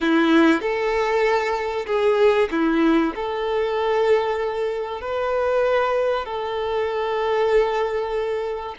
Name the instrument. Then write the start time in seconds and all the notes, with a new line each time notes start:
violin
0.00 E4
0.61 A4
1.86 G#4
2.51 E4
3.15 A4
5.01 B4
6.25 A4